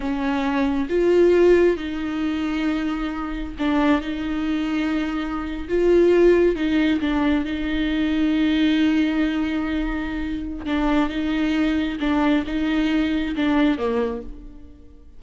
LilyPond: \new Staff \with { instrumentName = "viola" } { \time 4/4 \tempo 4 = 135 cis'2 f'2 | dis'1 | d'4 dis'2.~ | dis'8. f'2 dis'4 d'16~ |
d'8. dis'2.~ dis'16~ | dis'1 | d'4 dis'2 d'4 | dis'2 d'4 ais4 | }